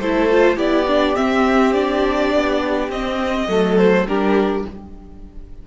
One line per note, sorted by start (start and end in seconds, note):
0.00 0.57 A3
0.00 0.31 E4
0.00 0.57 A4
0.00 0.58 C5
0.31 0.57 F4
0.57 1.16 B3
0.57 0.87 E4
0.57 3.48 G4
0.57 1.16 D5
0.88 1.16 D4
1.16 1.74 C4
1.16 2.34 C4
1.16 1.74 E5
1.74 2.91 D4
1.74 2.90 D5
2.34 2.89 B3
2.89 3.47 C4
2.89 3.49 C4
2.89 3.78 D#5
3.48 4.06 F#3
3.48 4.07 A3
3.48 4.09 A4
3.78 4.07 C5
4.07 4.65 G3
4.07 4.67 D4
4.07 4.67 G4
4.07 4.66 A#4